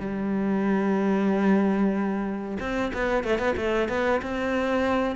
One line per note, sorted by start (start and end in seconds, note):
0.00 2.58 G3
2.60 2.92 C4
2.94 3.24 B3
3.24 3.39 A3
3.39 3.55 B3
3.57 3.89 A3
3.89 4.21 B3
4.22 5.16 C4